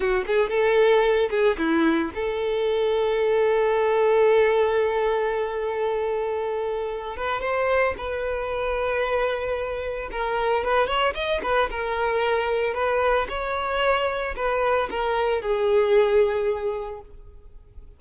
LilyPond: \new Staff \with { instrumentName = "violin" } { \time 4/4 \tempo 4 = 113 fis'8 gis'8 a'4. gis'8 e'4 | a'1~ | a'1~ | a'4. b'8 c''4 b'4~ |
b'2. ais'4 | b'8 cis''8 dis''8 b'8 ais'2 | b'4 cis''2 b'4 | ais'4 gis'2. | }